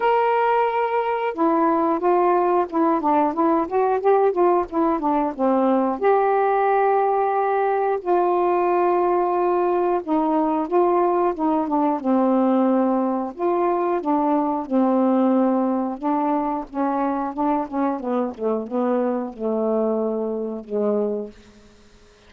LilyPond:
\new Staff \with { instrumentName = "saxophone" } { \time 4/4 \tempo 4 = 90 ais'2 e'4 f'4 | e'8 d'8 e'8 fis'8 g'8 f'8 e'8 d'8 | c'4 g'2. | f'2. dis'4 |
f'4 dis'8 d'8 c'2 | f'4 d'4 c'2 | d'4 cis'4 d'8 cis'8 b8 a8 | b4 a2 gis4 | }